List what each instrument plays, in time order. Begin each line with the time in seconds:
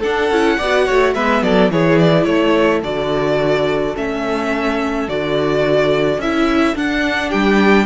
0.00 viola D4, cello D4, violin A4 F#5
0.30 cello C#4, viola E4
0.57 cello B3, violin D5
0.63 viola F#4
0.85 cello A3, violin C#5
1.14 cello G#3, viola B3, violin B4 E5
1.42 cello F#3, violin A4 D5
1.70 cello E3, viola E4, violin G#4 C#5
1.98 violin D5
2.23 cello A3, violin A4 C#5
2.82 cello D3, viola F#4, violin D5
3.96 cello A3, viola C#4, violin E5
5.08 cello D3, viola F#4, violin D5
6.18 cello C#4, viola E4, violin E5
6.75 viola D4, cello D4, violin F#5
7.29 cello G3, violin G4 G5